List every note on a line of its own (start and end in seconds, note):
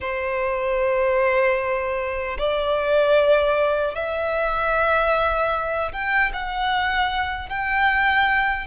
0.00 2.37 C5
2.38 3.94 D5
3.94 5.92 E5
5.92 6.32 G5
6.33 7.49 F#5
7.49 8.67 G5